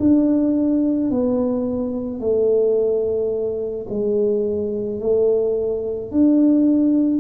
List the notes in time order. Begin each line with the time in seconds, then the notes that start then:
0.00 D4
1.11 B3
2.20 A3
3.90 G#3
5.01 A3
6.12 D4